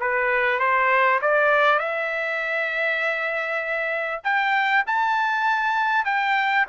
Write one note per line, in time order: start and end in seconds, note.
0.00 0.59 B4
0.59 1.20 C5
1.21 1.79 D5
1.79 4.21 E5
4.23 4.84 G5
4.87 6.05 A5
6.05 6.66 G5